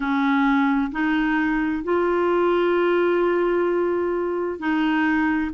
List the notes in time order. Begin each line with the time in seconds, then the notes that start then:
0.00 C#4
0.91 D#4
1.83 F4
4.59 D#4